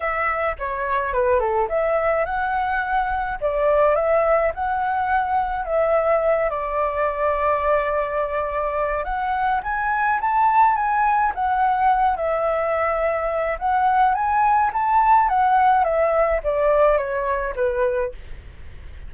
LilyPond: \new Staff \with { instrumentName = "flute" } { \time 4/4 \tempo 4 = 106 e''4 cis''4 b'8 a'8 e''4 | fis''2 d''4 e''4 | fis''2 e''4. d''8~ | d''1 |
fis''4 gis''4 a''4 gis''4 | fis''4. e''2~ e''8 | fis''4 gis''4 a''4 fis''4 | e''4 d''4 cis''4 b'4 | }